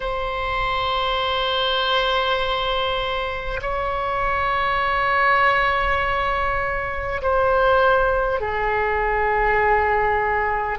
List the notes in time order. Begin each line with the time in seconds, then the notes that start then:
0.00 C5
3.61 C#5
7.22 C5
8.40 G#4